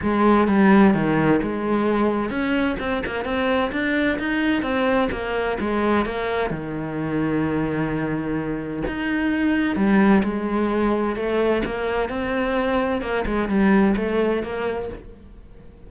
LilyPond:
\new Staff \with { instrumentName = "cello" } { \time 4/4 \tempo 4 = 129 gis4 g4 dis4 gis4~ | gis4 cis'4 c'8 ais8 c'4 | d'4 dis'4 c'4 ais4 | gis4 ais4 dis2~ |
dis2. dis'4~ | dis'4 g4 gis2 | a4 ais4 c'2 | ais8 gis8 g4 a4 ais4 | }